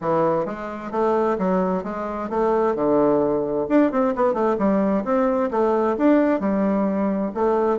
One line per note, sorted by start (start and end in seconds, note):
0.01 0.45 E3
0.45 0.91 G#3
0.91 1.37 A3
1.38 1.83 F#3
1.83 2.29 G#3
2.29 2.75 A3
2.75 3.66 D3
3.68 3.91 D4
3.91 4.14 C4
4.15 4.33 B3
4.33 4.56 A3
4.58 5.04 G3
5.04 5.50 C4
5.50 5.96 A3
5.97 6.40 D4
6.40 7.31 G3
7.34 7.78 A3